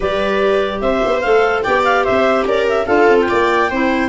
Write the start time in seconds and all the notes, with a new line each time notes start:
0.00 G3 G4 B4 D5
0.80 C4 C5 E5
1.05 B3
1.20 A3 A4 F5
1.62 B3 G4 D5 G5
1.84 F5
2.04 C4 C5 E5
2.44 C#4 A#4 D5
2.68 E5
2.86 D4 F4 A4 F5
3.08 C4
3.20 G5
3.28 A#3 D5
3.69 C4 E4 C5